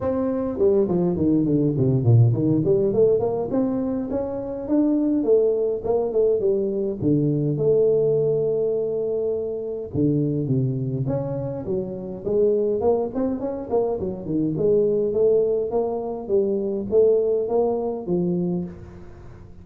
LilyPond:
\new Staff \with { instrumentName = "tuba" } { \time 4/4 \tempo 4 = 103 c'4 g8 f8 dis8 d8 c8 ais,8 | dis8 g8 a8 ais8 c'4 cis'4 | d'4 a4 ais8 a8 g4 | d4 a2.~ |
a4 d4 c4 cis'4 | fis4 gis4 ais8 c'8 cis'8 ais8 | fis8 dis8 gis4 a4 ais4 | g4 a4 ais4 f4 | }